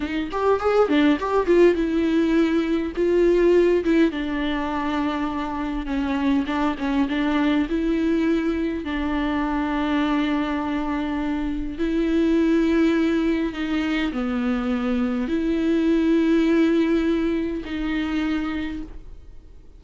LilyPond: \new Staff \with { instrumentName = "viola" } { \time 4/4 \tempo 4 = 102 dis'8 g'8 gis'8 d'8 g'8 f'8 e'4~ | e'4 f'4. e'8 d'4~ | d'2 cis'4 d'8 cis'8 | d'4 e'2 d'4~ |
d'1 | e'2. dis'4 | b2 e'2~ | e'2 dis'2 | }